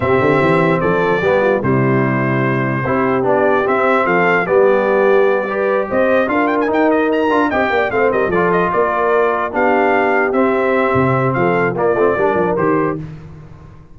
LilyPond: <<
  \new Staff \with { instrumentName = "trumpet" } { \time 4/4 \tempo 4 = 148 e''2 d''2 | c''1 | d''4 e''4 f''4 d''4~ | d''2~ d''8 dis''4 f''8 |
g''16 gis''16 g''8 dis''8 ais''4 g''4 f''8 | dis''8 d''8 dis''8 d''2 f''8~ | f''4. e''2~ e''8 | f''4 d''2 c''4 | }
  \new Staff \with { instrumentName = "horn" } { \time 4/4 g'2 a'4 g'8 f'8 | e'2. g'4~ | g'2 a'4 g'4~ | g'4. b'4 c''4 ais'8~ |
ais'2~ ais'8 dis''8 d''8 c''8 | ais'8 a'4 ais'2 g'8~ | g'1 | a'4 f'4 ais'2 | }
  \new Staff \with { instrumentName = "trombone" } { \time 4/4 c'2. b4 | g2. e'4 | d'4 c'2 b4~ | b4. g'2 f'8~ |
f'8 dis'4. f'8 g'4 c'8~ | c'8 f'2. d'8~ | d'4. c'2~ c'8~ | c'4 ais8 c'8 d'4 g'4 | }
  \new Staff \with { instrumentName = "tuba" } { \time 4/4 c8 d8 e4 f4 g4 | c2. c'4 | b4 c'4 f4 g4~ | g2~ g8 c'4 d'8~ |
d'8 dis'4. d'8 c'8 ais8 a8 | g8 f4 ais2 b8~ | b4. c'4. c4 | f4 ais8 a8 g8 f8 dis4 | }
>>